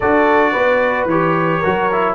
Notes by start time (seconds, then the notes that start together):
0.00 D4 F#4 A4 D5
0.52 B3 B4
1.05 E3 G4 C#5
1.60 F#3 F#4 A#4
1.92 E4